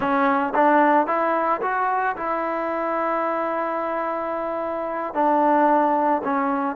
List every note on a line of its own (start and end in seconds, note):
0.00 0.53 C#4
0.54 1.06 D4
1.06 1.60 E4
1.61 2.15 F#4
2.16 5.14 E4
5.14 6.22 D4
6.23 6.76 C#4